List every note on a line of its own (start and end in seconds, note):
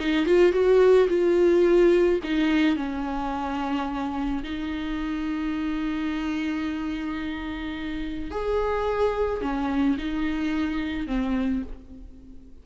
0.00 0.26 D#4
0.26 0.53 F4
0.53 1.08 F#4
1.09 2.20 F4
2.24 2.77 D#4
2.77 4.43 C#4
4.44 8.32 D#4
8.32 9.42 G#4
9.42 9.97 C#4
9.98 11.08 D#4
11.08 11.63 C4